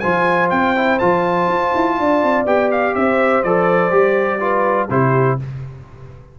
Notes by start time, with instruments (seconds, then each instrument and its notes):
0.00 tuba F3, trombone F4, horn C5, trumpet G#5
0.50 tuba C4, trumpet G5
0.76 trombone E4
0.99 tuba F3, trombone F4, trumpet A5
1.48 tuba F4
1.75 tuba E4
1.99 tuba D4, horn D5
2.23 tuba C4
2.45 tuba B3, trombone G4, trumpet G5
2.72 trumpet F5
2.95 tuba C4, horn C5, trumpet E5
3.43 tuba F3, trombone A4, trumpet D5
3.91 tuba G3, trombone G4
4.40 trombone F4, horn B4
4.90 tuba C3, trombone E4, horn G4, trumpet C5